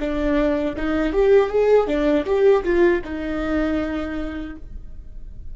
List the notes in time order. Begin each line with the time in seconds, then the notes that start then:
0.00 D4
0.76 D#4
1.13 G4
1.50 G#4
1.87 D4
2.26 G4
2.64 F4
3.04 D#4